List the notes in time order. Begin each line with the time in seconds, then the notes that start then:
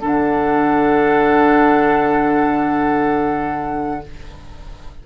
0.00 D3 D4 A4 F#5